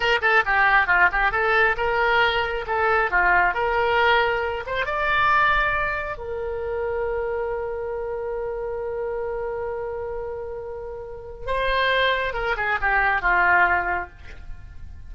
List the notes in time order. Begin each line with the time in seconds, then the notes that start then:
0.00 A#4
0.21 A4
0.45 G4
0.87 F4
1.12 G4
1.31 A4
1.77 A#4
2.67 A4
3.10 F4
3.53 A#4
4.66 C5
4.85 D5
6.17 A#4
11.46 C5
12.33 A#4
12.56 G#4
12.81 G4
13.21 F4